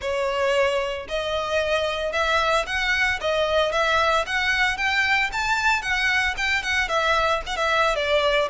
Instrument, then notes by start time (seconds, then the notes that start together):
violin
0.01 C#5
1.08 D#5
2.12 E5
2.66 F#5
3.21 D#5
3.72 E5
4.26 F#5
4.77 G5
5.32 A5
5.81 F#5
6.37 G5
6.62 F#5
6.88 E5
7.46 F#5
7.56 E5
7.95 D5